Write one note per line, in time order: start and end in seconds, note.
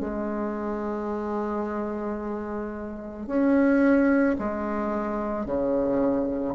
0.00 3.27 G#3
3.27 4.36 C#4
4.38 5.45 G#3
5.45 6.55 C#3